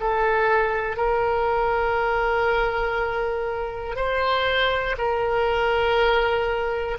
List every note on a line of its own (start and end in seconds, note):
0.00 0.97 A4
0.97 3.95 A#4
3.95 4.95 C5
4.97 6.97 A#4